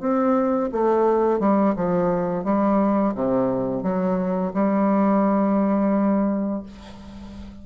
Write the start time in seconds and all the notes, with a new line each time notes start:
0.00 C4
0.72 A3
1.39 G3
1.76 F3
2.44 G3
3.15 C3
3.83 F#3
4.53 G3